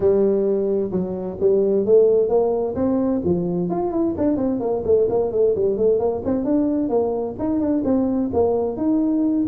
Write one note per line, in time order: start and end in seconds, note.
0.00 0.91 G3
0.91 1.37 F#3
1.40 1.85 G3
1.85 2.28 A3
2.28 2.74 A#3
2.75 3.21 C4
3.24 3.69 F3
3.69 3.91 F4
3.91 4.14 E4
4.17 4.36 D4
4.36 4.59 C4
4.59 4.83 A#3
4.84 5.07 A3
5.09 5.31 A#3
5.31 5.54 A3
5.55 5.77 G3
5.77 5.99 A3
5.99 6.22 A#3
6.24 6.44 C4
6.44 6.89 D4
6.89 7.35 A#3
7.38 7.59 D#4
7.59 7.83 D4
7.84 8.30 C4
8.33 8.77 A#3
8.77 9.46 D#4